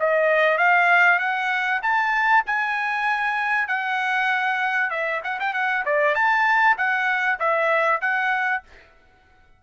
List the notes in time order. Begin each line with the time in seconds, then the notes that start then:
0.00 D#5
0.58 F5
1.19 F#5
1.82 A5
2.46 G#5
3.68 F#5
4.90 E5
5.24 F#5
5.40 G5
5.54 F#5
5.85 D5
6.15 A5
6.77 F#5
7.40 E5
8.01 F#5